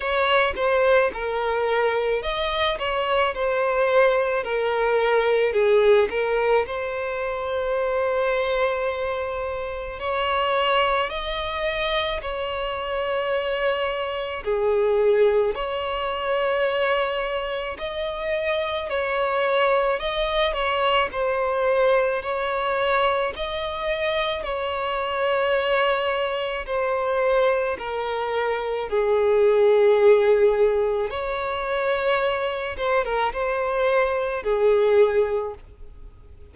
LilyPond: \new Staff \with { instrumentName = "violin" } { \time 4/4 \tempo 4 = 54 cis''8 c''8 ais'4 dis''8 cis''8 c''4 | ais'4 gis'8 ais'8 c''2~ | c''4 cis''4 dis''4 cis''4~ | cis''4 gis'4 cis''2 |
dis''4 cis''4 dis''8 cis''8 c''4 | cis''4 dis''4 cis''2 | c''4 ais'4 gis'2 | cis''4. c''16 ais'16 c''4 gis'4 | }